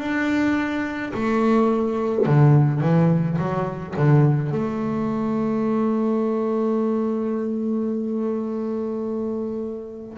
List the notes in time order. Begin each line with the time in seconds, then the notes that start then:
0.00 D4
1.14 A3
2.26 D3
2.81 E3
3.39 F#3
3.96 D3
4.52 A3